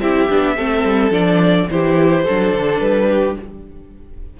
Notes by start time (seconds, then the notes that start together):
0.00 C4 E4 G4 E5
0.29 B3 D4
0.56 A3 C4 A4
0.84 G3
1.10 F3 D4 D5
1.70 E3 E4 G4 C5
2.23 F#3 D4 A4
2.53 D3
2.79 G3 B4
3.09 G4